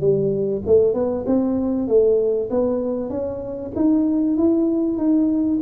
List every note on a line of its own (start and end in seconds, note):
0.00 0.62 G3
0.66 0.94 A3
0.94 1.25 B3
1.26 1.88 C4
1.88 2.49 A3
2.50 3.10 B3
3.10 3.71 C#4
3.75 4.37 D#4
4.37 4.97 E4
4.97 5.59 D#4